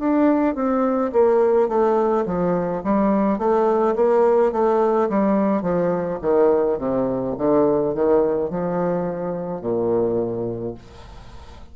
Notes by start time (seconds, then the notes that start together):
0.00 D4
0.56 C4
1.13 A#3
1.69 A3
2.26 F3
2.84 G3
3.39 A3
3.96 A#3
4.53 A3
5.09 G3
5.62 F3
6.22 D#3
6.79 C3
7.38 D3
7.95 D#3
8.51 F3
9.62 A#2